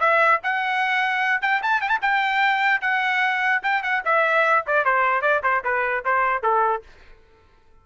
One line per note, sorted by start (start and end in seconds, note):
0.00 0.40 E5
0.43 1.41 F#5
1.41 1.61 G5
1.62 1.81 A5
1.81 1.89 G5
1.89 1.99 A5
2.02 2.81 G5
2.81 3.62 F#5
3.63 3.83 G5
3.83 4.03 F#5
4.05 4.65 E5
4.67 4.85 D5
4.85 5.22 C5
5.22 5.42 D5
5.43 5.63 C5
5.64 6.04 B4
6.05 6.43 C5
6.43 6.83 A4